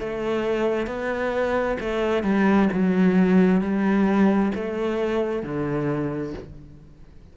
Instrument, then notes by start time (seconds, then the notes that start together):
cello
0.00 A3
0.87 B3
1.80 A3
2.24 G3
2.73 F#3
3.62 G3
4.55 A3
5.43 D3